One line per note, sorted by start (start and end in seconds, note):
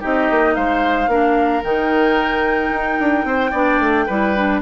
0.00 0.30 C4
0.00 1.09 D#4
0.00 0.54 G4
0.00 0.55 D#5
0.30 0.56 A#3
0.55 1.07 G#3
0.55 1.10 C5
0.55 1.63 F5
1.07 1.61 A#3
1.07 1.64 D4
1.07 3.27 A#4
1.64 2.71 D#3
1.64 3.53 D#4
1.64 4.61 G5
2.71 2.98 D#4
3.00 3.24 D4
3.24 3.51 C4
3.24 3.51 C5
3.51 3.79 B3
3.51 4.07 D4
3.51 4.05 D5
3.79 4.06 A3
4.07 4.62 G3
4.07 4.36 E4
4.07 4.61 B4
4.36 4.62 D4